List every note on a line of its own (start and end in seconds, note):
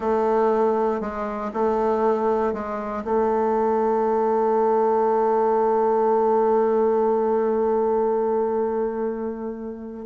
0.00 1.00 A3
1.00 1.51 G#3
1.53 2.53 A3
2.53 3.03 G#3
3.04 10.06 A3